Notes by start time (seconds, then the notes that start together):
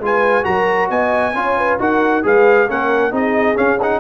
0.00 G#3 F4 B4 G#5
0.44 F#3 F#4 A#4 A#5
0.90 B3 D#5 G#5
1.34 C#4 F4 C#5
1.58 B4
1.79 D#4 F#4 A#4 F#5
2.23 G#3 G#4 B4 F5
2.68 A#3 C#4 A#4 F#5
3.11 C4 D#4 G#4 D#5
3.55 C#4 F5
3.82 D#4 F#5